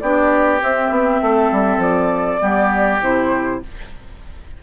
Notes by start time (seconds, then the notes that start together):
0.00 B3 D4 G4 D5
0.60 C4 E5
0.90 B3
1.22 A3 A4
1.52 G3
1.78 F3 D5
2.40 G3 B3 G4
3.01 C3 E4 C5